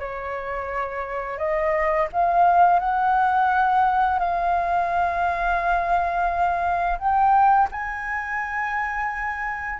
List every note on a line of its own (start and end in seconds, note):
0.00 1.39 C#5
1.39 2.08 D#5
2.13 2.80 F5
2.80 4.20 F#5
4.20 6.99 F5
6.99 7.69 G5
7.72 9.80 G#5